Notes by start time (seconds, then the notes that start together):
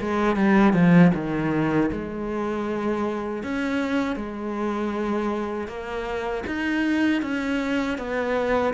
0.00 G#3
0.36 G3
0.74 F3
1.15 D#3
1.92 G#3
3.43 C#4
4.16 G#3
5.68 A#3
6.47 D#4
7.22 C#4
7.98 B3